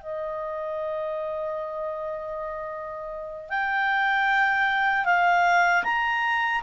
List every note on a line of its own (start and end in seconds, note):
0.00 3.49 D#5
3.49 5.05 G5
5.05 5.83 F5
5.83 6.61 A#5